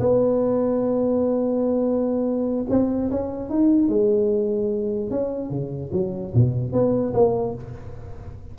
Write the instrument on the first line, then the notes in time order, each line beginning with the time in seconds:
tuba
0.00 B3
2.70 C4
3.11 C#4
3.50 D#4
3.88 G#3
5.10 C#4
5.50 C#3
5.92 F#3
6.35 B2
6.72 B3
7.13 A#3